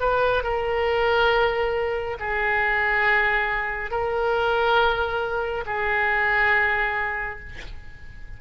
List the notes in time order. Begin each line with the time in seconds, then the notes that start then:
0.00 B4
0.43 A#4
2.20 G#4
3.91 A#4
5.66 G#4